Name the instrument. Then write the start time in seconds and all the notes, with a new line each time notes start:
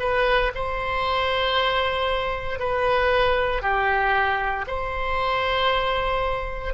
oboe
0.00 B4
0.55 C5
2.60 B4
3.62 G4
4.67 C5